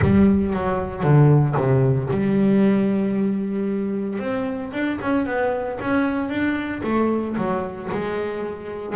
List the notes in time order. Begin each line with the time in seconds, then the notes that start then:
0.01 G3
0.53 F#3
1.03 D3
1.56 C3
2.10 G3
4.19 C4
4.72 D4
5.01 C#4
5.26 B3
5.81 C#4
6.29 D4
6.83 A3
7.37 F#3
7.91 G#3